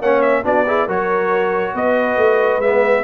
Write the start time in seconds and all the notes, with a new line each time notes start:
0.00 A#3 C#4 C#5 F#5
0.21 E5
0.43 B3 D4 F#4 D5
0.66 E4 G#4
0.86 F#3 F#4 A#4 C#5
1.74 B3 B4 D#5
2.17 A3
2.58 G#3 B3 E5